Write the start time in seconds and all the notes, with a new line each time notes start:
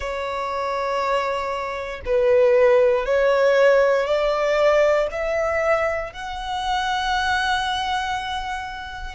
0.00 C#5
2.05 B4
3.05 C#5
4.05 D5
5.11 E5
6.12 F#5